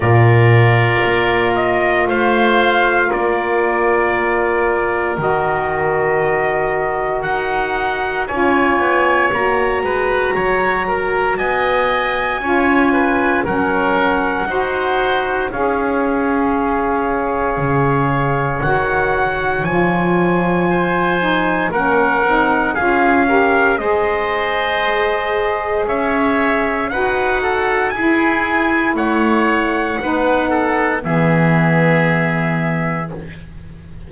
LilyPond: <<
  \new Staff \with { instrumentName = "trumpet" } { \time 4/4 \tempo 4 = 58 d''4. dis''8 f''4 d''4~ | d''4 dis''2 fis''4 | gis''4 ais''2 gis''4~ | gis''4 fis''2 f''4~ |
f''2 fis''4 gis''4~ | gis''4 fis''4 f''4 dis''4~ | dis''4 e''4 fis''4 gis''4 | fis''2 e''2 | }
  \new Staff \with { instrumentName = "oboe" } { \time 4/4 ais'2 c''4 ais'4~ | ais'1 | cis''4. b'8 cis''8 ais'8 dis''4 | cis''8 b'8 ais'4 c''4 cis''4~ |
cis''1 | c''4 ais'4 gis'8 ais'8 c''4~ | c''4 cis''4 b'8 a'8 gis'4 | cis''4 b'8 a'8 gis'2 | }
  \new Staff \with { instrumentName = "saxophone" } { \time 4/4 f'1~ | f'4 fis'2. | f'4 fis'2. | f'4 cis'4 fis'4 gis'4~ |
gis'2 fis'4 f'4~ | f'8 dis'8 cis'8 dis'8 f'8 g'8 gis'4~ | gis'2 fis'4 e'4~ | e'4 dis'4 b2 | }
  \new Staff \with { instrumentName = "double bass" } { \time 4/4 ais,4 ais4 a4 ais4~ | ais4 dis2 dis'4 | cis'8 b8 ais8 gis8 fis4 b4 | cis'4 fis4 dis'4 cis'4~ |
cis'4 cis4 dis4 f4~ | f4 ais8 c'8 cis'4 gis4~ | gis4 cis'4 dis'4 e'4 | a4 b4 e2 | }
>>